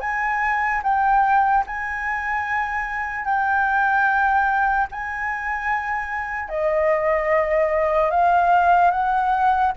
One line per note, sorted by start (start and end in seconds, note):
0.00 0.81 G#5
0.83 1.64 G5
1.66 3.25 G#5
3.25 4.87 G5
4.92 6.49 G#5
6.49 8.10 D#5
8.10 8.91 F5
8.91 9.72 F#5